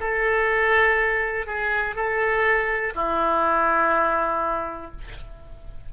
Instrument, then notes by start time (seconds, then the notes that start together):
oboe
0.00 A4
1.46 G#4
1.95 A4
2.95 E4